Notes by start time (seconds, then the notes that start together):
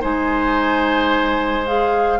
0.00 G#3 D#4 C5 G#5
1.65 G#4 F5